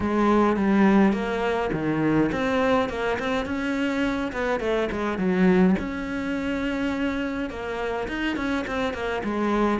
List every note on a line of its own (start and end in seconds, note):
0.00 0.56 G#3
0.56 1.12 G3
1.12 1.70 A#3
1.73 2.30 D#3
2.32 2.89 C4
2.89 3.18 A#3
3.19 3.45 C4
3.45 4.32 C#4
4.32 4.59 B3
4.59 4.88 A3
4.91 5.18 G#3
5.18 5.75 F#3
5.78 7.50 C#4
7.50 8.07 A#3
8.07 8.36 D#4
8.36 8.65 C#4
8.67 8.93 C4
8.93 9.22 A#3
9.24 9.79 G#3